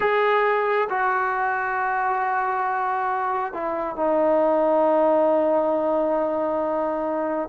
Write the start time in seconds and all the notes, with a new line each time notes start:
0.00 G#4
0.89 F#4
3.53 E4
3.96 D#4